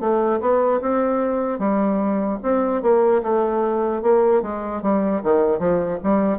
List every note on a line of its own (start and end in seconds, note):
0.00 0.40 A3
0.40 0.80 B3
0.81 1.59 C4
1.59 2.39 G3
2.42 2.82 C4
2.82 3.22 A#3
3.23 4.02 A3
4.02 4.42 A#3
4.42 4.82 G#3
4.82 5.22 G3
5.23 5.59 D#3
5.59 5.99 F3
6.03 6.38 G3